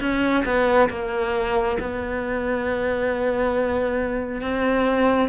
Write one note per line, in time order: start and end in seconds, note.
0.00 0.44 C#4
0.45 0.89 B3
0.89 1.78 A#3
1.80 4.41 B3
4.41 5.29 C4